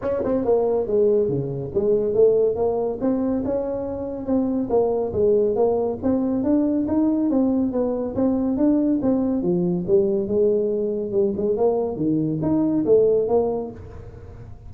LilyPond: \new Staff \with { instrumentName = "tuba" } { \time 4/4 \tempo 4 = 140 cis'8 c'8 ais4 gis4 cis4 | gis4 a4 ais4 c'4 | cis'2 c'4 ais4 | gis4 ais4 c'4 d'4 |
dis'4 c'4 b4 c'4 | d'4 c'4 f4 g4 | gis2 g8 gis8 ais4 | dis4 dis'4 a4 ais4 | }